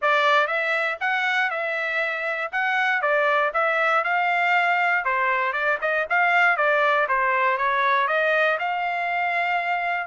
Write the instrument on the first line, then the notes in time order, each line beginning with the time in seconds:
trumpet
0.01 D5
0.47 E5
1.00 F#5
1.50 E5
2.52 F#5
3.01 D5
3.53 E5
4.04 F5
5.04 C5
5.52 D5
5.81 D#5
6.09 F5
6.56 D5
7.08 C5
7.57 C#5
8.07 D#5
8.59 F5